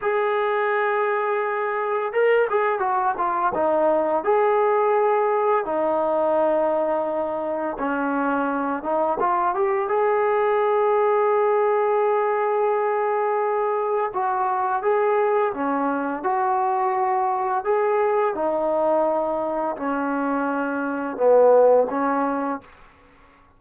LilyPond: \new Staff \with { instrumentName = "trombone" } { \time 4/4 \tempo 4 = 85 gis'2. ais'8 gis'8 | fis'8 f'8 dis'4 gis'2 | dis'2. cis'4~ | cis'8 dis'8 f'8 g'8 gis'2~ |
gis'1 | fis'4 gis'4 cis'4 fis'4~ | fis'4 gis'4 dis'2 | cis'2 b4 cis'4 | }